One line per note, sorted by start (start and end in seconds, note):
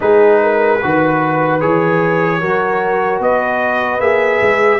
0.00 0.81 G#3
0.00 0.79 D#4
0.00 0.41 G#4
0.00 1.60 B4
0.42 0.82 A#4
0.82 1.63 D#3
0.82 1.60 F#4
0.82 2.40 B4
1.60 2.42 E3
1.60 2.40 G#4
1.60 3.20 C#5
2.40 3.19 F#3
2.40 4.00 F#4
2.40 3.20 A#4
3.19 3.99 B3
3.19 4.79 B4
3.19 4.00 D#5
3.99 4.39 A#3
3.99 4.79 G#4
3.99 4.79 E5
4.41 4.79 G#3